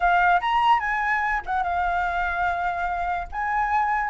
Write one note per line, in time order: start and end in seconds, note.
0.00 0.40 F5
0.41 0.79 A#5
0.79 1.41 G#5
1.46 1.63 F#5
1.63 3.27 F5
3.32 4.09 G#5